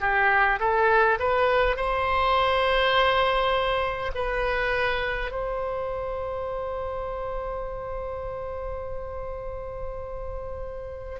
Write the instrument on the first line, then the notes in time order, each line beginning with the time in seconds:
oboe
0.00 G4
0.59 A4
1.19 B4
1.76 C5
4.14 B4
5.31 C5